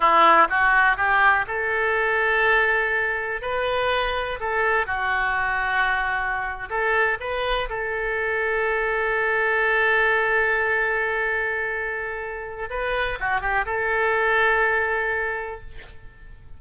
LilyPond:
\new Staff \with { instrumentName = "oboe" } { \time 4/4 \tempo 4 = 123 e'4 fis'4 g'4 a'4~ | a'2. b'4~ | b'4 a'4 fis'2~ | fis'4.~ fis'16 a'4 b'4 a'16~ |
a'1~ | a'1~ | a'2 b'4 fis'8 g'8 | a'1 | }